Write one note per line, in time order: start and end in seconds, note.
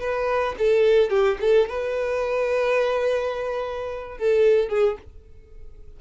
0.00 0.56 B4
0.59 1.10 A4
1.10 1.38 G4
1.41 1.69 A4
1.69 4.18 B4
4.18 4.69 A4
4.69 4.97 G#4